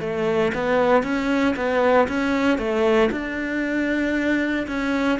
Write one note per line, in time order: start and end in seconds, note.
0.00 0.52 A3
0.54 1.03 B3
1.03 1.55 C#4
1.56 2.07 B3
2.08 2.58 C#4
2.58 3.09 A3
3.11 4.66 D4
4.67 5.19 C#4